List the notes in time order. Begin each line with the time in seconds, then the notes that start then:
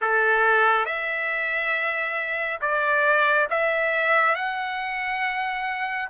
0.01 A4
0.85 E5
2.61 D5
3.49 E5
4.35 F#5